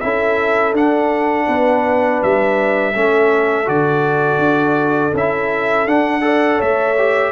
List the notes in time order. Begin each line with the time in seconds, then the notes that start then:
0.00 C#4 E4 A4 E5
0.72 D4 F#5
1.46 B3 B4
2.22 G3 E5
2.94 A3 C#4 A4
3.65 D3 F#4 D5
4.38 D4
5.13 C#4 E4 E5
5.86 D4 F#5
6.21 A4 D5
6.57 A3 C#5 E5
6.98 G4